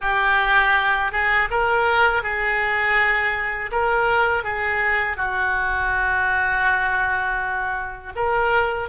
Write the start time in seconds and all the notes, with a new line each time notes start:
0.01 G4
1.11 G#4
1.50 A#4
2.22 G#4
3.71 A#4
4.43 G#4
5.16 F#4
8.15 A#4